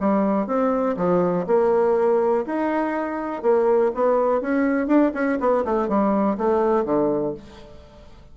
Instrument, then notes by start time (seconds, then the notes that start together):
bassoon
0.00 G3
0.47 C4
0.97 F3
1.47 A#3
2.46 D#4
3.42 A#3
3.94 B3
4.41 C#4
4.87 D4
5.14 C#4
5.40 B3
5.65 A3
5.88 G3
6.38 A3
6.85 D3